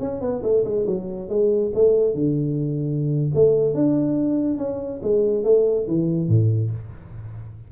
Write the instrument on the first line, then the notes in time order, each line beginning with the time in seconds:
tuba
0.00 C#4
0.21 B3
0.43 A3
0.65 G#3
0.87 F#3
1.29 G#3
1.75 A3
2.14 D3
3.35 A3
3.74 D4
4.58 C#4
5.03 G#3
5.44 A3
5.88 E3
6.28 A2